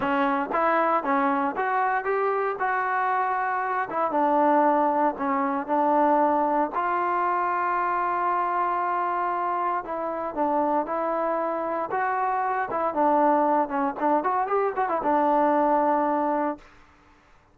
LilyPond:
\new Staff \with { instrumentName = "trombone" } { \time 4/4 \tempo 4 = 116 cis'4 e'4 cis'4 fis'4 | g'4 fis'2~ fis'8 e'8 | d'2 cis'4 d'4~ | d'4 f'2.~ |
f'2. e'4 | d'4 e'2 fis'4~ | fis'8 e'8 d'4. cis'8 d'8 fis'8 | g'8 fis'16 e'16 d'2. | }